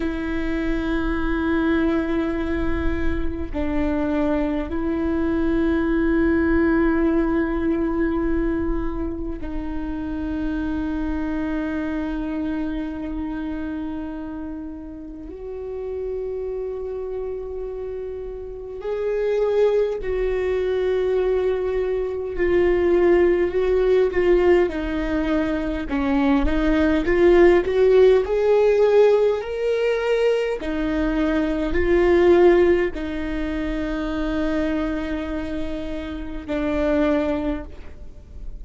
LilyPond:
\new Staff \with { instrumentName = "viola" } { \time 4/4 \tempo 4 = 51 e'2. d'4 | e'1 | dis'1~ | dis'4 fis'2. |
gis'4 fis'2 f'4 | fis'8 f'8 dis'4 cis'8 dis'8 f'8 fis'8 | gis'4 ais'4 dis'4 f'4 | dis'2. d'4 | }